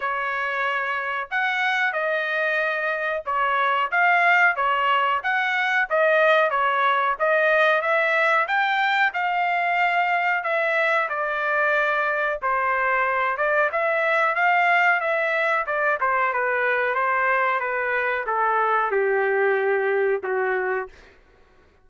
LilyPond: \new Staff \with { instrumentName = "trumpet" } { \time 4/4 \tempo 4 = 92 cis''2 fis''4 dis''4~ | dis''4 cis''4 f''4 cis''4 | fis''4 dis''4 cis''4 dis''4 | e''4 g''4 f''2 |
e''4 d''2 c''4~ | c''8 d''8 e''4 f''4 e''4 | d''8 c''8 b'4 c''4 b'4 | a'4 g'2 fis'4 | }